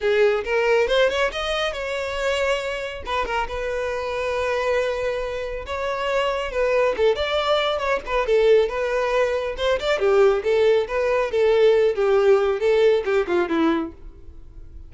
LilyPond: \new Staff \with { instrumentName = "violin" } { \time 4/4 \tempo 4 = 138 gis'4 ais'4 c''8 cis''8 dis''4 | cis''2. b'8 ais'8 | b'1~ | b'4 cis''2 b'4 |
a'8 d''4. cis''8 b'8 a'4 | b'2 c''8 d''8 g'4 | a'4 b'4 a'4. g'8~ | g'4 a'4 g'8 f'8 e'4 | }